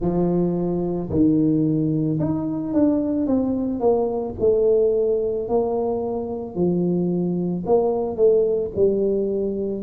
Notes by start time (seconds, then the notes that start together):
0.00 F3
1.10 D#3
2.19 D#4
2.73 D4
3.26 C4
3.80 A#3
4.39 A3
5.48 A#3
6.55 F3
7.66 A#3
8.16 A3
8.75 G3